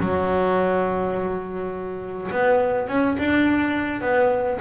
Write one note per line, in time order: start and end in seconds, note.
0.00 2.31 F#3
2.32 2.88 B3
2.88 3.17 C#4
3.18 4.01 D4
4.01 4.59 B3